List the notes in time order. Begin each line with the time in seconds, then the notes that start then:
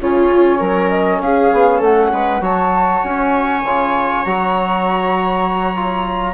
0.00 C#3 C#4 F4 C#5
0.59 F#3 A#4
0.90 D#5
1.21 C#4 G#4 F5
1.53 B3
1.78 A3 A4 F#5
2.12 G#3 B4
2.41 F#3 F#4 C#5 A5
3.04 C#4 G#5
3.64 C#3 F4
4.24 F#3 F#4 A#5
5.76 F4